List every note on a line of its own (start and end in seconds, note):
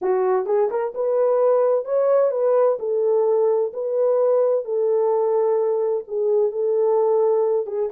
0.01 0.46 F#4
0.46 0.69 G#4
0.70 0.93 A#4
0.94 1.84 B4
1.84 2.31 C#5
2.31 2.77 B4
2.79 3.72 A4
3.73 4.64 B4
4.64 6.04 A4
6.07 6.51 G#4
6.51 7.66 A4
7.66 7.89 G#4